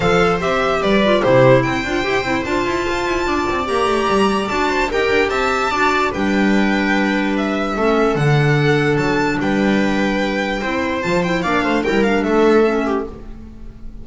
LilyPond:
<<
  \new Staff \with { instrumentName = "violin" } { \time 4/4 \tempo 4 = 147 f''4 e''4 d''4 c''4 | g''2 a''2~ | a''4 ais''2 a''4 | g''4 a''2 g''4~ |
g''2 e''2 | fis''2 a''4 g''4~ | g''2. a''8 g''8 | f''4 g''8 f''8 e''2 | }
  \new Staff \with { instrumentName = "viola" } { \time 4/4 c''2 b'4 g'4 | c''1 | d''2.~ d''8 c''8 | ais'4 e''4 d''4 b'4~ |
b'2. a'4~ | a'2. b'4~ | b'2 c''2 | d''8 c''8 ais'4 a'4. g'8 | }
  \new Staff \with { instrumentName = "clarinet" } { \time 4/4 a'4 g'4. f'8 e'4~ | e'8 f'8 g'8 e'8 f'2~ | f'4 g'2 fis'4 | g'2 fis'4 d'4~ |
d'2. cis'4 | d'1~ | d'2 e'4 f'8 e'8 | d'4 e'8 d'4. cis'4 | }
  \new Staff \with { instrumentName = "double bass" } { \time 4/4 f4 c'4 g4 c4 | c'8 d'8 e'8 c'8 d'8 e'8 f'8 e'8 | d'8 c'8 ais8 a8 g4 d'4 | dis'8 d'8 c'4 d'4 g4~ |
g2. a4 | d2 fis4 g4~ | g2 c'4 f4 | ais8 a8 g4 a2 | }
>>